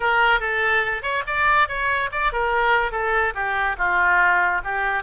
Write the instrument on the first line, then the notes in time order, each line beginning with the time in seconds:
oboe
0.00 A#4
0.40 A4
1.02 C#5
1.26 D5
1.68 C#5
2.11 D5
2.32 A#4
2.91 A4
3.34 G4
3.77 F4
4.64 G4